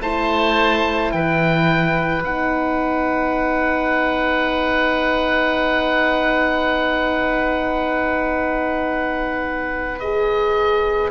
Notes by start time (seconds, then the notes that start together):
0.00 A3 E4 C5 A5
1.12 E3 B4 G5
2.24 B3 D#4 F#5
10.00 G#4 D#5